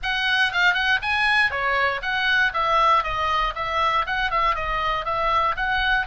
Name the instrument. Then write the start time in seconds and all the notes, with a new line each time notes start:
oboe
0.02 F#5
0.52 F5
0.73 F#5
1.02 G#5
1.50 C#5
2.02 F#5
2.53 E5
3.03 D#5
3.55 E5
4.06 F#5
4.30 E5
4.55 D#5
5.05 E5
5.56 F#5